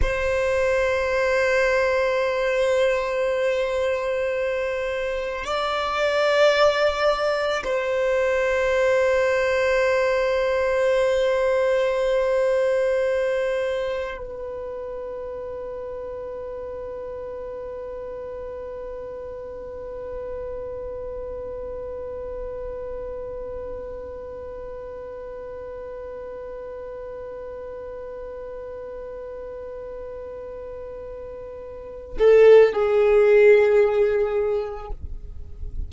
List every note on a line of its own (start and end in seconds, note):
0.01 5.44 C5
5.44 7.63 D5
7.64 14.17 C5
14.17 32.17 B4
32.18 32.72 A4
32.72 34.90 G#4